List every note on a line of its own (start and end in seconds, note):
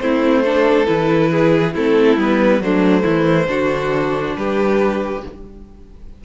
0.00 0.88 A3
0.00 0.44 C4
0.00 0.44 E4
0.00 0.86 C5
0.44 0.86 D4
0.44 1.31 A4
0.86 1.76 E3
0.86 1.73 E4
0.86 1.73 B4
1.31 1.74 G#4
1.74 2.17 A3
1.74 2.18 C4
1.74 2.61 E4
1.74 2.20 A4
2.17 2.61 G3
2.17 2.62 B3
2.17 2.63 B4
2.61 3.04 F#3
2.61 3.47 A3
2.61 3.03 D4
2.61 4.37 C5
3.03 3.49 E3
3.03 3.47 E4
3.47 4.36 D3
3.47 5.21 D4
3.47 4.37 F#4
4.37 5.24 G3
4.37 5.25 G4
4.37 5.24 B4